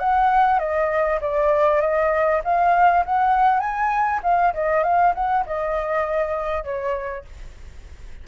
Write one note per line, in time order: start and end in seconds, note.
0.00 0.60 F#5
0.60 1.20 D#5
1.21 1.81 D5
1.81 2.42 D#5
2.45 3.05 F5
3.06 3.60 F#5
3.60 4.21 G#5
4.23 4.54 F5
4.55 4.84 D#5
4.84 5.14 F5
5.15 5.45 F#5
5.47 6.64 D#5
6.64 7.25 C#5